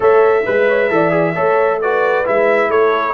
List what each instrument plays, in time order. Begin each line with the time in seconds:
0.00 tuba A3, trombone A4, horn C#5, trumpet E5
0.44 tuba G#3, horn B4, trombone B4
0.68 horn C#5
0.89 tuba E3, trombone A4, horn D5
1.10 trombone G#4
1.34 tuba A3, trombone A4, horn C#5
1.81 trombone F#4, horn B4, trumpet D5
2.25 tuba G#3, trombone E4, trumpet E5
2.68 tuba A3, horn A4, trumpet C#5